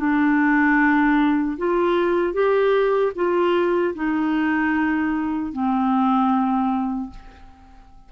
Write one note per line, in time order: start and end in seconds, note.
0.00 1.58 D4
1.58 2.34 F4
2.34 3.13 G4
3.16 3.95 F4
3.95 5.53 D#4
5.53 7.11 C4